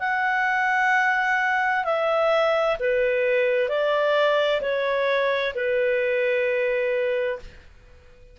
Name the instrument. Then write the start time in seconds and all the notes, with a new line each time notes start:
clarinet
0.00 F#5
1.85 E5
2.80 B4
3.69 D5
4.62 C#5
5.55 B4